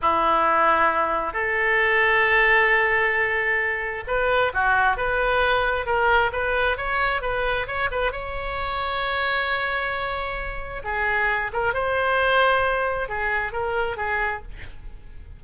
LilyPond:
\new Staff \with { instrumentName = "oboe" } { \time 4/4 \tempo 4 = 133 e'2. a'4~ | a'1~ | a'4 b'4 fis'4 b'4~ | b'4 ais'4 b'4 cis''4 |
b'4 cis''8 b'8 cis''2~ | cis''1 | gis'4. ais'8 c''2~ | c''4 gis'4 ais'4 gis'4 | }